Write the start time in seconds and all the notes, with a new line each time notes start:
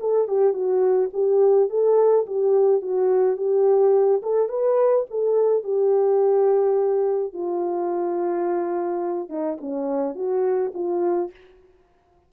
0.00 A4
0.27 G4
0.53 F#4
1.13 G4
1.69 A4
2.26 G4
2.81 F#4
3.37 G4
4.22 A4
4.49 B4
5.10 A4
5.63 G4
7.33 F4
9.29 D#4
9.61 C#4
10.15 F#4
10.74 F4